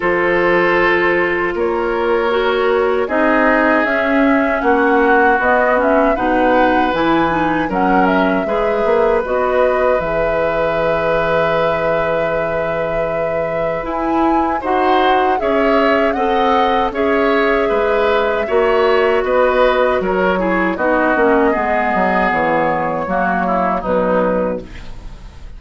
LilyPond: <<
  \new Staff \with { instrumentName = "flute" } { \time 4/4 \tempo 4 = 78 c''2 cis''2 | dis''4 e''4 fis''4 dis''8 e''8 | fis''4 gis''4 fis''8 e''4. | dis''4 e''2.~ |
e''2 gis''4 fis''4 | e''4 fis''4 e''2~ | e''4 dis''4 cis''4 dis''4~ | dis''4 cis''2 b'4 | }
  \new Staff \with { instrumentName = "oboe" } { \time 4/4 a'2 ais'2 | gis'2 fis'2 | b'2 ais'4 b'4~ | b'1~ |
b'2. c''4 | cis''4 dis''4 cis''4 b'4 | cis''4 b'4 ais'8 gis'8 fis'4 | gis'2 fis'8 e'8 dis'4 | }
  \new Staff \with { instrumentName = "clarinet" } { \time 4/4 f'2. fis'4 | dis'4 cis'2 b8 cis'8 | dis'4 e'8 dis'8 cis'4 gis'4 | fis'4 gis'2.~ |
gis'2 e'4 fis'4 | gis'4 a'4 gis'2 | fis'2~ fis'8 e'8 dis'8 cis'8 | b2 ais4 fis4 | }
  \new Staff \with { instrumentName = "bassoon" } { \time 4/4 f2 ais2 | c'4 cis'4 ais4 b4 | b,4 e4 fis4 gis8 ais8 | b4 e2.~ |
e2 e'4 dis'4 | cis'4 c'4 cis'4 gis4 | ais4 b4 fis4 b8 ais8 | gis8 fis8 e4 fis4 b,4 | }
>>